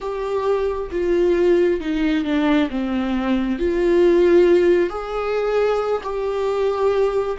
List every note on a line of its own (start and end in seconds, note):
0.00 0.90 G4
0.91 1.80 F4
1.80 2.24 D#4
2.24 2.69 D4
2.70 3.58 C4
3.58 4.89 F4
4.89 6.01 G#4
6.03 7.37 G4